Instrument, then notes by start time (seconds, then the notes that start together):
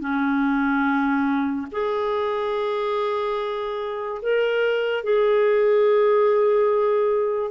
clarinet
0.00 C#4
1.71 G#4
4.22 A#4
5.03 G#4